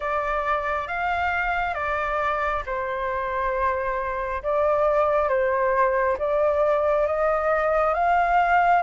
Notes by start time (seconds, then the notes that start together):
0.00 D5
0.87 F5
1.74 D5
2.66 C5
4.42 D5
5.29 C5
6.18 D5
7.06 D#5
7.94 F5